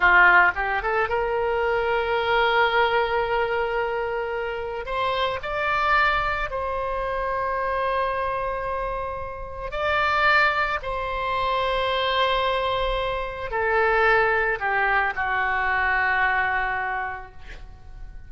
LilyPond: \new Staff \with { instrumentName = "oboe" } { \time 4/4 \tempo 4 = 111 f'4 g'8 a'8 ais'2~ | ais'1~ | ais'4 c''4 d''2 | c''1~ |
c''2 d''2 | c''1~ | c''4 a'2 g'4 | fis'1 | }